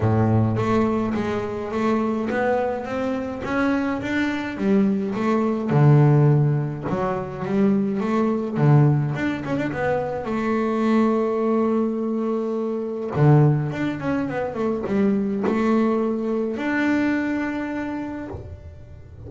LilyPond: \new Staff \with { instrumentName = "double bass" } { \time 4/4 \tempo 4 = 105 a,4 a4 gis4 a4 | b4 c'4 cis'4 d'4 | g4 a4 d2 | fis4 g4 a4 d4 |
d'8 cis'16 d'16 b4 a2~ | a2. d4 | d'8 cis'8 b8 a8 g4 a4~ | a4 d'2. | }